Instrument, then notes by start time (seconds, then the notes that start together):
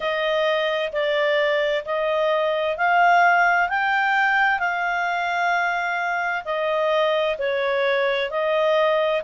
clarinet
0.00 D#5
0.92 D5
1.85 D#5
2.77 F5
3.69 G5
4.59 F5
6.44 D#5
7.38 C#5
8.30 D#5